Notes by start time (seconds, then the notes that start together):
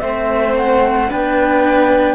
0.00 A3 C4 C5 E5
0.57 F#5
1.09 B3 D4 B4 G5